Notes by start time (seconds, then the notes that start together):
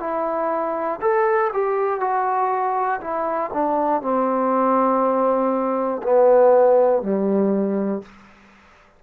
0.00 E4
1.01 A4
1.53 G4
2.00 F#4
3.00 E4
3.54 D4
4.01 C4
6.03 B3
7.02 G3